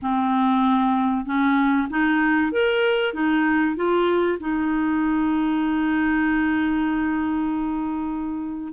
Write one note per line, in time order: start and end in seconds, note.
0.02 1.25 C4
1.25 1.88 C#4
1.89 2.52 D#4
2.52 3.13 A#4
3.13 3.76 D#4
3.76 4.38 F4
4.39 8.72 D#4